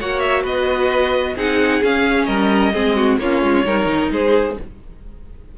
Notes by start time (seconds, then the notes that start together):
0.00 A#3 F#4 C#5 F#5
0.20 E5
0.43 B3 B4 D#5
1.36 C4 D#4 G#4 F#5
1.83 C#4 F5
2.25 G3 A#4 D#5
2.73 G#3 C4 G#4
2.96 F#4
3.19 A#3 C#4 F4 C#5
3.42 G#3
3.65 G3 D#4 A#4
3.86 D#3
4.11 G#3 G#4 C5